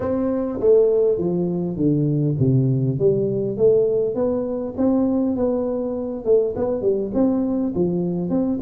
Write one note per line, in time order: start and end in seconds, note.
0.00 0.59 C4
0.59 1.17 A3
1.17 1.76 F3
1.76 2.35 D3
2.39 2.98 C3
2.98 3.57 G3
3.57 4.14 A3
4.14 4.74 B3
4.77 5.35 C4
5.35 6.24 B3
6.24 6.54 A3
6.56 6.81 B3
6.81 7.11 G3
7.13 7.73 C4
7.74 8.29 F3
8.29 8.59 C4